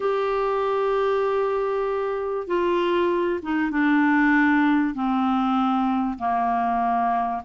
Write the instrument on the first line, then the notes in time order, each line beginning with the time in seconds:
clarinet
0.00 G4
2.47 F4
3.42 D#4
3.70 D4
4.94 C4
6.18 A#3